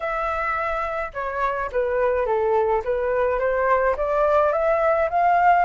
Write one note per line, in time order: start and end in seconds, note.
0.00 1.11 E5
1.13 1.70 C#5
1.72 2.25 B4
2.25 2.82 A4
2.84 3.39 B4
3.39 3.95 C5
3.96 4.52 D5
4.52 5.09 E5
5.09 5.65 F5